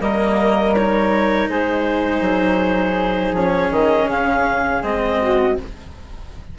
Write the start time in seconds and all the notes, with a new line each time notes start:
0.00 G3 A#3 A#4 D#5
0.74 D#4 C#5
1.48 G#3 G#4 C5
2.21 F#3
3.31 F3 C#4 C#5
3.71 D#3 D#5
4.06 C#3 F5
4.82 G#3 C4 D#5
5.21 F#4